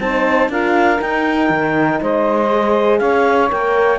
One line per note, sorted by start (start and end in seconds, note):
0.00 0.49 C4
0.00 0.51 D#4
0.00 0.50 C5
0.00 0.50 A5
0.49 0.99 D4
0.49 0.98 F4
0.49 2.00 A#4
0.49 1.01 F5
0.98 2.48 D#4
0.98 1.49 D#4
0.98 2.01 G5
1.49 1.99 D#3
2.01 3.00 G#3
2.01 3.00 C5
2.01 2.98 D#5
2.51 3.50 G#4
2.98 3.50 C#4
2.98 3.99 C#5
2.98 3.48 F5
3.50 3.99 A#3
3.50 3.99 A#4
3.50 3.99 G5